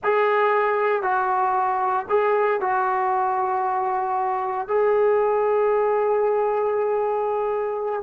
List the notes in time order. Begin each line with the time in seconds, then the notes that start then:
0.03 G#4
1.02 F#4
2.09 G#4
2.61 F#4
4.67 G#4